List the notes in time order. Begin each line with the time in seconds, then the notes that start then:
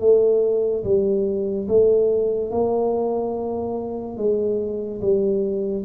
0.00 A3
0.84 G3
1.68 A3
2.50 A#3
4.17 G#3
5.01 G3